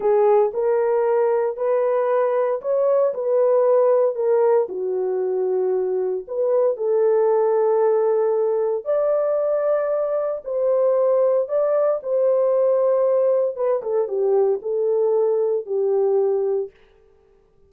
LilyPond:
\new Staff \with { instrumentName = "horn" } { \time 4/4 \tempo 4 = 115 gis'4 ais'2 b'4~ | b'4 cis''4 b'2 | ais'4 fis'2. | b'4 a'2.~ |
a'4 d''2. | c''2 d''4 c''4~ | c''2 b'8 a'8 g'4 | a'2 g'2 | }